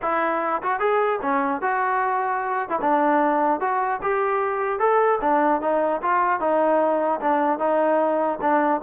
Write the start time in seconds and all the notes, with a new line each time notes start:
0.02 E4
0.62 F#4
0.79 G#4
1.21 C#4
1.61 F#4
2.69 E4
2.81 D4
3.60 F#4
4.02 G4
4.79 A4
5.21 D4
5.61 D#4
6.02 F4
6.40 D#4
7.20 D4
7.58 D#4
8.41 D4